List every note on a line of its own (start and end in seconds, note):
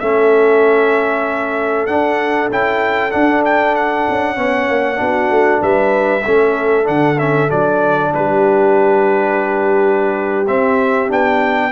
0.00 1.88 A3
0.00 1.88 C#4
0.00 4.38 A4
0.00 1.86 E5
1.86 2.50 D4
1.86 2.49 F#5
2.51 3.13 C#4
2.51 3.11 E4
2.51 3.12 G5
3.11 4.36 D4
3.11 4.08 D4
3.11 3.43 F#5
3.45 3.75 G5
3.75 5.63 F#5
4.10 4.38 C#4
4.36 4.69 B3
4.36 4.96 C#4
4.36 5.00 C#5
4.69 5.00 A#3
4.96 5.30 B3
4.96 6.21 D4
4.96 5.61 F#4
5.30 5.62 A3
5.61 6.25 G3
5.61 6.24 B4
5.61 6.88 E5
6.25 6.88 A3
6.25 6.84 C#4
6.25 8.12 A4
6.84 7.51 D3
6.84 7.15 D4
6.84 7.19 F#5
7.19 7.49 C#4
7.19 7.50 E5
7.49 8.14 F#3
7.49 10.46 D4
7.49 8.13 D5
8.12 10.48 G3
8.12 11.71 G4
8.12 10.47 B4
10.47 11.09 C4
10.47 11.10 C4
10.47 11.10 E5
11.09 11.72 B3
11.09 11.71 D4
11.09 11.72 G5